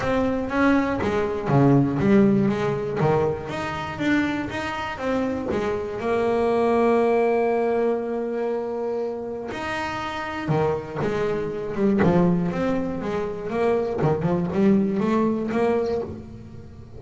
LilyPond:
\new Staff \with { instrumentName = "double bass" } { \time 4/4 \tempo 4 = 120 c'4 cis'4 gis4 cis4 | g4 gis4 dis4 dis'4 | d'4 dis'4 c'4 gis4 | ais1~ |
ais2. dis'4~ | dis'4 dis4 gis4. g8 | f4 c'4 gis4 ais4 | dis8 f8 g4 a4 ais4 | }